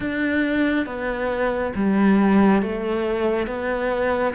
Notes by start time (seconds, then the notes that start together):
0.00 D4
0.86 B3
1.75 G3
2.62 A3
3.47 B3